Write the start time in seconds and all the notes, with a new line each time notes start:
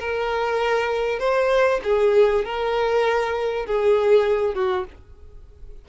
0.00 A#4
1.19 C5
1.84 G#4
2.45 A#4
3.67 G#4
4.54 F#4